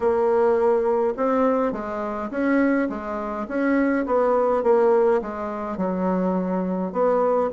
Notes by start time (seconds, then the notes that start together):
0.00 A#3
1.16 C4
1.72 G#3
2.30 C#4
2.89 G#3
3.47 C#4
4.06 B3
4.63 A#3
5.21 G#3
5.77 F#3
6.92 B3